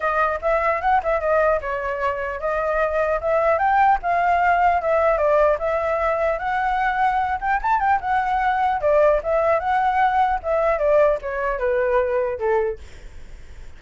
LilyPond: \new Staff \with { instrumentName = "flute" } { \time 4/4 \tempo 4 = 150 dis''4 e''4 fis''8 e''8 dis''4 | cis''2 dis''2 | e''4 g''4 f''2 | e''4 d''4 e''2 |
fis''2~ fis''8 g''8 a''8 g''8 | fis''2 d''4 e''4 | fis''2 e''4 d''4 | cis''4 b'2 a'4 | }